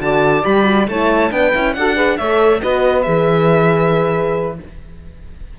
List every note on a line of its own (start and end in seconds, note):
0.00 0.43 D3
0.00 0.43 F#4
0.00 0.88 D5
0.00 0.44 A5
0.43 0.87 G3
0.43 0.63 G4
0.43 0.88 B5
0.63 0.85 F#4
0.87 1.31 A3
0.87 1.31 E4
0.87 1.31 C#5
0.87 1.32 A5
1.31 1.53 B3
1.31 1.52 D4
1.31 1.76 B4
1.31 1.73 G5
1.54 1.76 C#4
1.54 1.76 E4
1.73 2.18 D4
1.73 1.95 F#4
1.73 1.95 A4
1.73 2.17 F#5
1.95 2.17 G#4
1.95 2.16 B4
2.16 2.62 A3
2.16 2.60 A4
2.16 2.60 C#5
2.16 2.60 E5
2.60 3.06 B3
2.60 3.04 F#4
2.60 4.58 B4
2.60 3.02 D#5
3.02 4.59 E3
3.02 4.56 G#4
3.02 4.54 E5